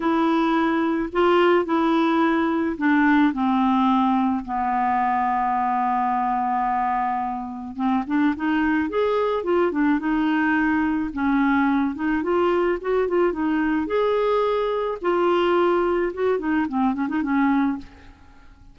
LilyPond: \new Staff \with { instrumentName = "clarinet" } { \time 4/4 \tempo 4 = 108 e'2 f'4 e'4~ | e'4 d'4 c'2 | b1~ | b2 c'8 d'8 dis'4 |
gis'4 f'8 d'8 dis'2 | cis'4. dis'8 f'4 fis'8 f'8 | dis'4 gis'2 f'4~ | f'4 fis'8 dis'8 c'8 cis'16 dis'16 cis'4 | }